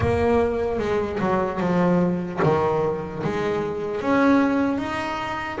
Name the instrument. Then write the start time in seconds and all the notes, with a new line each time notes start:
double bass
0.00 A#3
0.78 G#3
1.20 F#3
1.60 F3
2.42 D#3
3.23 G#3
4.01 C#4
4.78 D#4